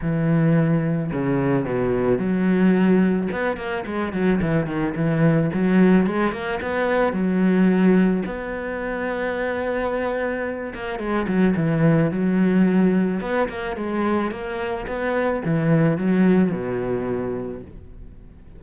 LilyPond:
\new Staff \with { instrumentName = "cello" } { \time 4/4 \tempo 4 = 109 e2 cis4 b,4 | fis2 b8 ais8 gis8 fis8 | e8 dis8 e4 fis4 gis8 ais8 | b4 fis2 b4~ |
b2.~ b8 ais8 | gis8 fis8 e4 fis2 | b8 ais8 gis4 ais4 b4 | e4 fis4 b,2 | }